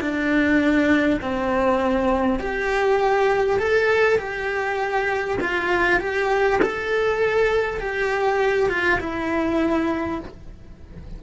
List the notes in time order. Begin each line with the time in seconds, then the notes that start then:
0.00 D4
1.21 C4
2.39 G4
3.59 A4
4.17 G4
5.40 F4
5.99 G4
6.62 A4
7.79 G4
8.69 F4
8.99 E4